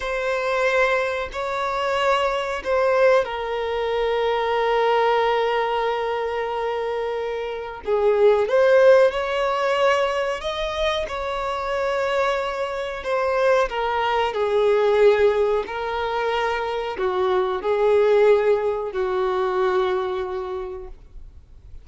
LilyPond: \new Staff \with { instrumentName = "violin" } { \time 4/4 \tempo 4 = 92 c''2 cis''2 | c''4 ais'2.~ | ais'1 | gis'4 c''4 cis''2 |
dis''4 cis''2. | c''4 ais'4 gis'2 | ais'2 fis'4 gis'4~ | gis'4 fis'2. | }